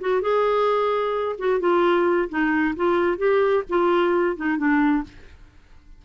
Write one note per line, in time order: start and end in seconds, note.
0.00 0.21 F#4
0.21 1.36 G#4
1.38 1.60 F#4
1.60 2.28 F4
2.29 2.75 D#4
2.75 3.17 F4
3.17 3.63 G4
3.69 4.36 F4
4.36 4.57 D#4
4.57 5.03 D4